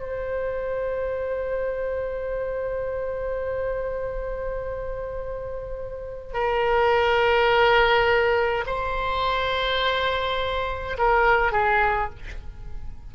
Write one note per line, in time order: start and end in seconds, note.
0.00 6.34 C5
6.34 8.65 A#4
8.67 10.98 C5
10.98 11.52 A#4
11.52 12.10 G#4